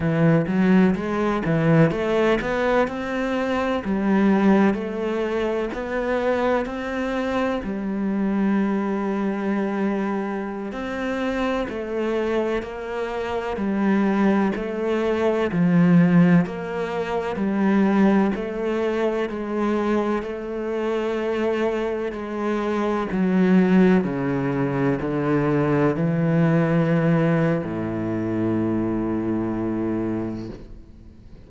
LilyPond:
\new Staff \with { instrumentName = "cello" } { \time 4/4 \tempo 4 = 63 e8 fis8 gis8 e8 a8 b8 c'4 | g4 a4 b4 c'4 | g2.~ g16 c'8.~ | c'16 a4 ais4 g4 a8.~ |
a16 f4 ais4 g4 a8.~ | a16 gis4 a2 gis8.~ | gis16 fis4 cis4 d4 e8.~ | e4 a,2. | }